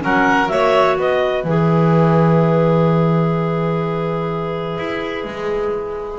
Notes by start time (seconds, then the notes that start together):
0.00 F#3 C#4 A#4 F#5
0.48 A#3 F#4 C#5 E5
0.97 B3 B4 D#5
1.44 E3 G#4 E5
4.78 E4
5.24 G#3